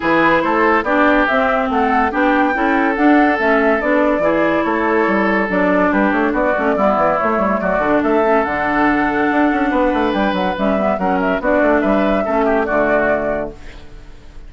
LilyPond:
<<
  \new Staff \with { instrumentName = "flute" } { \time 4/4 \tempo 4 = 142 b'4 c''4 d''4 e''4 | fis''4 g''2 fis''4 | e''4 d''2 cis''4~ | cis''4 d''4 b'8 cis''8 d''4~ |
d''4 cis''4 d''4 e''4 | fis''1 | g''8 fis''8 e''4 fis''8 e''8 d''4 | e''2 d''2 | }
  \new Staff \with { instrumentName = "oboe" } { \time 4/4 gis'4 a'4 g'2 | a'4 g'4 a'2~ | a'2 gis'4 a'4~ | a'2 g'4 fis'4 |
e'2 fis'4 a'4~ | a'2. b'4~ | b'2 ais'4 fis'4 | b'4 a'8 g'8 fis'2 | }
  \new Staff \with { instrumentName = "clarinet" } { \time 4/4 e'2 d'4 c'4~ | c'4 d'4 e'4 d'4 | cis'4 d'4 e'2~ | e'4 d'2~ d'8 cis'8 |
b4 a4. d'4 cis'8 | d'1~ | d'4 cis'8 b8 cis'4 d'4~ | d'4 cis'4 a2 | }
  \new Staff \with { instrumentName = "bassoon" } { \time 4/4 e4 a4 b4 c'4 | a4 b4 cis'4 d'4 | a4 b4 e4 a4 | g4 fis4 g8 a8 b8 a8 |
g8 e8 a8 g8 fis8 d8 a4 | d2 d'8 cis'8 b8 a8 | g8 fis8 g4 fis4 b8 a8 | g4 a4 d2 | }
>>